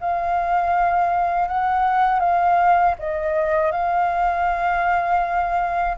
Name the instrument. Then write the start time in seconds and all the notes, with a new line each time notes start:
flute
0.00 F5
1.48 F#5
2.19 F5
2.98 D#5
3.71 F5